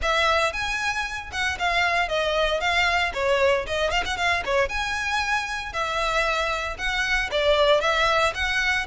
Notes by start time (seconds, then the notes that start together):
0.02 E5
0.52 G#5
1.32 F#5
1.59 F5
2.08 D#5
2.60 F5
3.13 C#5
3.66 D#5
3.90 F5
4.05 F#5
4.16 F5
4.45 C#5
4.68 G#5
5.72 E5
6.78 F#5
7.31 D5
7.80 E5
8.34 F#5